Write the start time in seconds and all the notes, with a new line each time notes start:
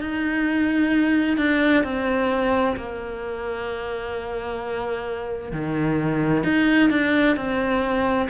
0.00 D#4
1.37 D4
1.83 C4
2.76 A#3
5.52 D#3
6.43 D#4
6.90 D4
7.36 C4